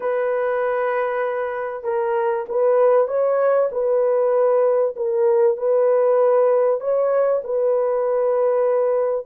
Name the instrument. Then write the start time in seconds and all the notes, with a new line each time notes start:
horn
0.00 B4
1.83 A#4
2.49 B4
3.07 C#5
3.71 B4
4.96 A#4
5.57 B4
6.80 C#5
7.44 B4